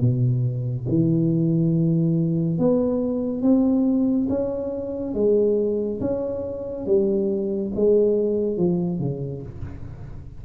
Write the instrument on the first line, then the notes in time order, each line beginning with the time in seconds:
tuba
0.00 B2
0.88 E3
2.58 B3
3.42 C4
4.29 C#4
5.14 G#3
6.00 C#4
6.86 G3
7.75 G#3
8.57 F3
8.99 C#3